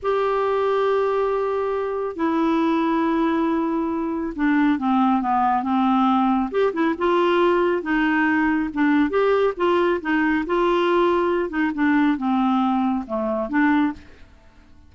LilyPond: \new Staff \with { instrumentName = "clarinet" } { \time 4/4 \tempo 4 = 138 g'1~ | g'4 e'2.~ | e'2 d'4 c'4 | b4 c'2 g'8 e'8 |
f'2 dis'2 | d'4 g'4 f'4 dis'4 | f'2~ f'8 dis'8 d'4 | c'2 a4 d'4 | }